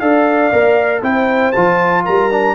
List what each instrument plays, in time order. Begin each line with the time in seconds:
0.00 tuba D4, trombone A4, horn D5, trumpet F5
0.52 tuba A#3, trombone A#4
1.02 tuba C4, trombone E4, horn C5, trumpet G5
1.52 tuba F3, trombone F4, trumpet A5
2.05 tuba G3, horn A#4, trumpet A#5
2.31 trombone D4